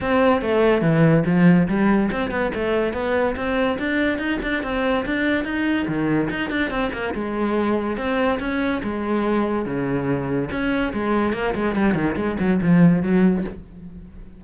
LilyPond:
\new Staff \with { instrumentName = "cello" } { \time 4/4 \tempo 4 = 143 c'4 a4 e4 f4 | g4 c'8 b8 a4 b4 | c'4 d'4 dis'8 d'8 c'4 | d'4 dis'4 dis4 dis'8 d'8 |
c'8 ais8 gis2 c'4 | cis'4 gis2 cis4~ | cis4 cis'4 gis4 ais8 gis8 | g8 dis8 gis8 fis8 f4 fis4 | }